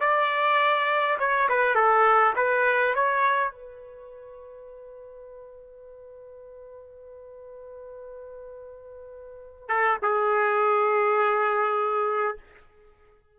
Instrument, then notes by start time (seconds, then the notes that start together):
trumpet
0.00 D5
1.19 C#5
1.49 B4
1.75 A4
2.36 B4
2.94 C#5
3.51 B4
9.68 A4
10.02 G#4